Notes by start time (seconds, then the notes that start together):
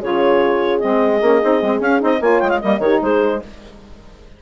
0.00 C#3 F4 G#4 C#5
0.80 G#3 C4 D#5
1.21 A#3 C#4
1.43 C4 D#4
1.61 G#3 C4
1.80 C#4 F5
2.00 C4 D#4 D#5
2.21 A#3 F4 C#5 G#5
2.40 G#3 G5
2.49 F5
2.61 G3 A#3 D#5
2.79 D#3 D#4 G4 C#5
3.02 G#3 G#4 C5